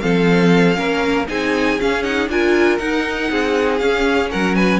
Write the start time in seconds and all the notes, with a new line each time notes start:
0.00 F3 C4 A4 F5
0.74 A#3 C#4 A#4
1.28 C4 D#4 G#4 G#5
1.80 C#4 F5
2.03 D#4 F#5
2.28 D4 F4 A#4 G#5
2.77 D#4 F#5
3.30 C4 G#4
3.78 C#4 F5
4.30 F#3 A#4 F#5
4.55 B4 G#5